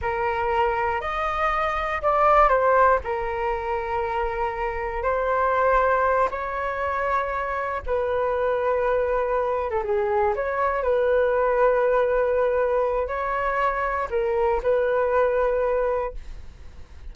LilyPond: \new Staff \with { instrumentName = "flute" } { \time 4/4 \tempo 4 = 119 ais'2 dis''2 | d''4 c''4 ais'2~ | ais'2 c''2~ | c''8 cis''2. b'8~ |
b'2.~ b'16 a'16 gis'8~ | gis'8 cis''4 b'2~ b'8~ | b'2 cis''2 | ais'4 b'2. | }